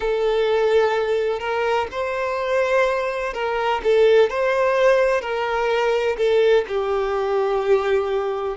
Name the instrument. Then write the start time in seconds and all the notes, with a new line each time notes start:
violin
0.00 A4
1.39 A#4
1.90 C5
3.33 A#4
3.84 A4
4.29 C5
5.21 A#4
6.17 A4
6.68 G4